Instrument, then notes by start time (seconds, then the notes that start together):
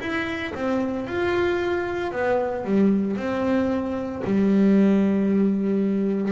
double bass
0.00 E4
0.54 C4
1.07 F4
2.11 B3
2.64 G3
3.16 C4
4.24 G3